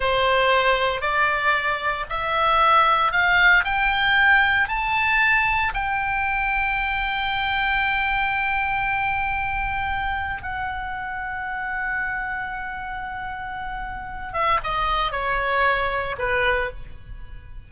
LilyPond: \new Staff \with { instrumentName = "oboe" } { \time 4/4 \tempo 4 = 115 c''2 d''2 | e''2 f''4 g''4~ | g''4 a''2 g''4~ | g''1~ |
g''1 | fis''1~ | fis''2.~ fis''8 e''8 | dis''4 cis''2 b'4 | }